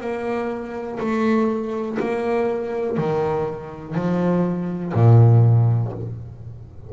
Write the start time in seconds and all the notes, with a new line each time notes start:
0.00 A#3
0.99 A3
1.99 A#3
2.96 D#3
3.94 F3
4.93 A#2